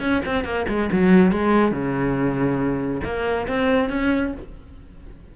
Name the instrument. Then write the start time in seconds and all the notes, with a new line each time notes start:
cello
0.00 C#4
0.26 C4
0.45 A#3
0.68 G#3
0.92 F#3
1.32 G#3
1.72 C#3
3.04 A#3
3.47 C4
3.89 C#4